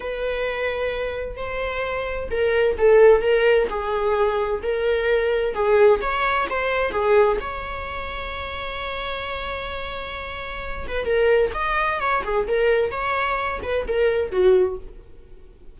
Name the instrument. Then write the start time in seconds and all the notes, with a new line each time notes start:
viola
0.00 B4
1.37 C5
2.31 A#4
2.78 A4
3.21 A#4
3.69 G#4
4.62 A#4
5.54 G#4
6.01 C#5
6.49 C5
6.91 G#4
7.40 C#5
10.87 B4
11.05 A#4
11.54 D#5
12.00 C#5
12.23 G#4
12.47 A#4
12.91 C#5
13.63 B4
13.87 A#4
14.31 F#4